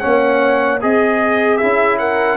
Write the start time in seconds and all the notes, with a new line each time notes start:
0.00 A#3 C#4 C#5 F#5
0.81 C4 G#4 D#5
1.58 C#4 E4 E5
1.99 A#4 F#5